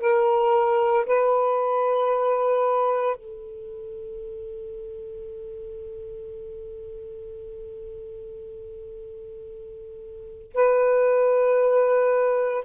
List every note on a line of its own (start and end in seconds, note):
0.00 1.05 A#4
1.06 3.16 B4
3.16 10.53 A4
10.54 12.64 B4